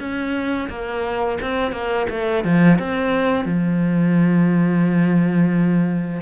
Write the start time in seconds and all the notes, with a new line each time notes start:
0.00 C#4
0.69 A#3
1.41 C4
1.72 A#3
2.10 A3
2.44 F3
2.79 C4
3.45 F3